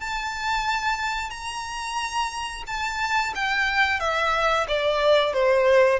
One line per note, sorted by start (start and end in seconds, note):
0.00 1.30 A5
1.30 2.63 A#5
2.67 3.33 A5
3.35 4.00 G5
4.00 4.67 E5
4.68 5.33 D5
5.33 6.00 C5